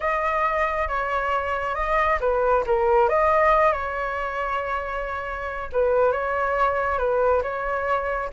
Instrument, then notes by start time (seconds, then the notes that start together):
flute
0.00 D#5
0.88 C#5
1.74 D#5
2.20 B4
2.66 A#4
3.09 D#5
3.72 C#5
5.72 B4
6.12 C#5
6.98 B4
7.42 C#5